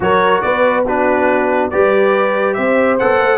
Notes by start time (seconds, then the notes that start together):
0.00 F#3 F#4 A#4 C#5
0.41 B3 B4 D5
0.86 D4 F#4 B4
1.70 G3 G4 B4 D5
2.53 C4 C5 E5
2.98 B3 A4 F#5
3.20 A3